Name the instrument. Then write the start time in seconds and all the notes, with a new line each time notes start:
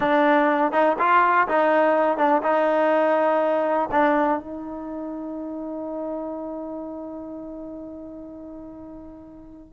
trombone
0.00 D4
0.72 D#4
0.98 F4
1.48 D#4
2.17 D4
2.43 D#4
3.91 D4
4.39 D#4